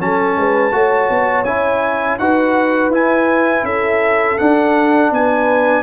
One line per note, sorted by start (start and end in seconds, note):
0.00 0.36 F#3
0.00 0.71 C#4
0.00 0.38 A4
0.00 1.44 A5
0.36 0.72 G#3
0.36 0.74 B4
0.71 1.09 A3
0.71 1.45 F#4
0.71 2.20 C#5
1.09 1.45 B3
1.44 2.18 C#4
1.44 2.19 E4
1.44 2.18 G#5
2.18 2.89 D#4
2.18 2.92 F#4
2.18 3.65 B4
2.18 2.91 F#5
2.89 3.62 E4
2.89 4.38 E4
2.89 3.65 G#5
3.63 4.36 C#4
3.63 5.11 A4
3.63 4.38 E5
4.38 5.82 D4
4.38 5.11 D4
4.38 5.11 F#5
5.11 5.82 B3
5.11 5.82 B4
5.11 5.82 G#5